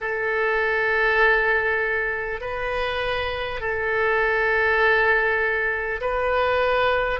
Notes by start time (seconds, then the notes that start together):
0.01 A4
2.40 B4
3.60 A4
6.00 B4